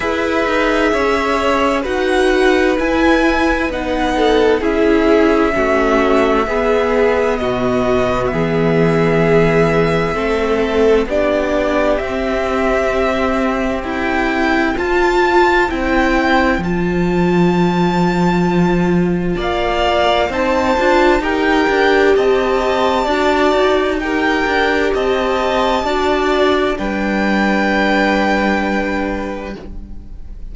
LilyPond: <<
  \new Staff \with { instrumentName = "violin" } { \time 4/4 \tempo 4 = 65 e''2 fis''4 gis''4 | fis''4 e''2. | dis''4 e''2. | d''4 e''2 g''4 |
a''4 g''4 a''2~ | a''4 f''4 a''4 g''4 | a''2 g''4 a''4~ | a''4 g''2. | }
  \new Staff \with { instrumentName = "violin" } { \time 4/4 b'4 cis''4 b'2~ | b'8 a'8 gis'4 fis'4 gis'4 | fis'4 gis'2 a'4 | g'1 |
c''1~ | c''4 d''4 c''4 ais'4 | dis''4 d''4 ais'4 dis''4 | d''4 b'2. | }
  \new Staff \with { instrumentName = "viola" } { \time 4/4 gis'2 fis'4 e'4 | dis'4 e'4 cis'4 b4~ | b2. c'4 | d'4 c'2. |
f'4 e'4 f'2~ | f'2 dis'8 f'8 g'4~ | g'4 fis'4 g'2 | fis'4 d'2. | }
  \new Staff \with { instrumentName = "cello" } { \time 4/4 e'8 dis'8 cis'4 dis'4 e'4 | b4 cis'4 a4 b4 | b,4 e2 a4 | b4 c'2 e'4 |
f'4 c'4 f2~ | f4 ais4 c'8 d'8 dis'8 d'8 | c'4 d'8 dis'4 d'8 c'4 | d'4 g2. | }
>>